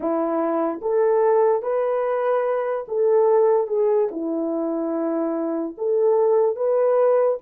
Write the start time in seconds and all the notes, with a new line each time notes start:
0.00 E4
0.81 A4
1.62 B4
2.88 A4
3.67 G#4
4.11 E4
5.77 A4
6.55 B4